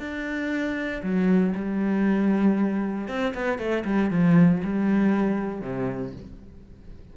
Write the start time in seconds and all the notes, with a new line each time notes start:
0.00 D4
1.03 F#3
1.56 G3
3.08 C4
3.35 B3
3.59 A3
3.85 G3
4.11 F3
4.65 G3
5.62 C3